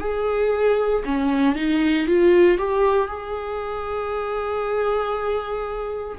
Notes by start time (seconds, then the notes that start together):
0.00 G#4
1.05 C#4
1.56 D#4
2.07 F4
2.58 G4
3.08 G#4